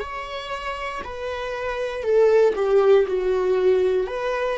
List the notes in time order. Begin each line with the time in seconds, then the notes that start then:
0.00 C#5
1.04 B4
2.03 A4
2.56 G4
3.07 F#4
4.07 B4